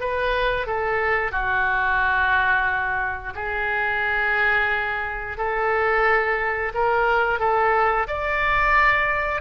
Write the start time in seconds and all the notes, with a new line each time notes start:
0.00 B4
0.66 A4
1.31 F#4
3.35 G#4
5.37 A4
6.74 A#4
7.39 A4
8.07 D5